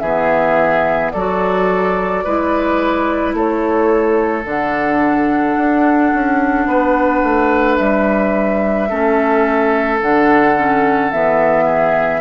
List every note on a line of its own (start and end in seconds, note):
0.00 1.12 E3
0.00 1.16 B3
0.00 1.13 G#4
0.00 1.11 E5
1.12 2.26 F#3
1.12 2.24 A4
1.12 3.34 D5
1.18 2.26 F#4
2.24 3.34 G#3
2.24 4.44 E4
2.24 3.35 B4
3.34 4.45 A3
3.34 6.68 A4
3.34 4.45 C#5
4.44 5.56 D3
4.44 8.89 D4
4.44 7.77 F#5
5.57 6.13 D4
6.14 6.66 C#4
6.66 7.22 B3
6.66 8.89 B4
7.23 7.79 A3
7.77 8.91 G3
7.77 9.99 E5
8.89 10.02 A3
8.89 10.00 C#4
8.89 11.65 A4
10.01 11.12 D3
10.01 10.57 D4
10.01 11.12 F#5
10.57 11.12 C#4
11.12 12.21 E3
11.12 12.21 B3
11.12 12.21 E5
11.65 12.21 G#4